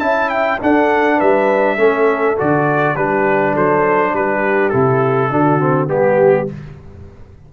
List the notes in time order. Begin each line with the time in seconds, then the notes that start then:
0.00 C#4 E4 E5 A5
0.30 G5
0.62 D4 A4 F#5
1.17 G3 B4 E5
1.77 A3 C#4 A4
2.38 D3 F#4 D5
2.96 G3 D4 G4 B4
3.53 F#3 A4 C5
4.13 G3 G4 B4
4.70 C3 E4 A4
5.30 D3 D4 F#4
5.60 C4
5.88 G3 B3 G4
5.94 G4